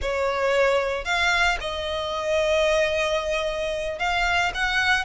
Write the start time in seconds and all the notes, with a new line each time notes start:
0.01 C#5
1.04 F5
1.60 D#5
3.98 F5
4.54 F#5